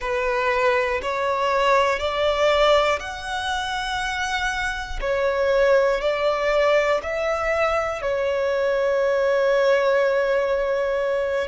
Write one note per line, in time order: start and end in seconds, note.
0.00 1.00 B4
1.01 1.99 C#5
1.99 2.99 D5
3.00 5.00 F#5
5.00 6.00 C#5
6.00 7.00 D5
7.03 8.02 E5
8.02 11.47 C#5